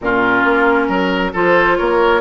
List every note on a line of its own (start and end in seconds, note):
0.01 0.44 A#2
0.01 1.33 C#4
0.01 0.87 F4
0.01 1.34 A#4
0.44 0.88 A#3
0.87 1.32 F#3
0.87 1.31 A#4
1.33 1.79 F3
1.33 2.21 F4
1.33 1.77 A4
1.33 1.77 C5
1.77 2.21 A#3
1.77 2.21 A#4
1.77 2.21 C#5